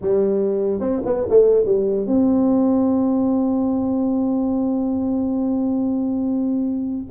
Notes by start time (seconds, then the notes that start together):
0.01 G3
0.80 C4
1.05 B3
1.29 A3
1.65 G3
2.07 C4